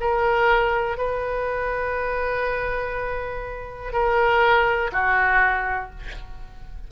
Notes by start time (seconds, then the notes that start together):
0.00 A#4
0.97 B4
3.93 A#4
4.92 F#4